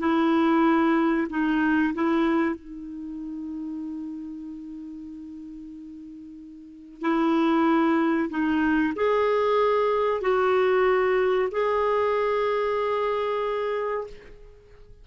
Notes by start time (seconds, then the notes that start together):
0.00 E4
1.30 D#4
1.95 E4
2.56 D#4
7.02 E4
8.30 D#4
8.96 G#4
10.22 F#4
11.52 G#4